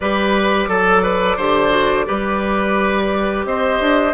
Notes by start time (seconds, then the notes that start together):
0.00 G3 G4 B4 D5
0.68 F#3 A4
1.03 B4
1.36 D3 G4 C5
1.70 F#4
2.05 G3 G4 B4
3.45 C4 C5 D#5
3.79 D4